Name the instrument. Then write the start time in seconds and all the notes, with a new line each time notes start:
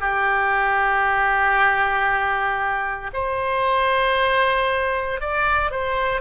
oboe
0.00 G4
3.13 C5
5.20 D5
5.71 C5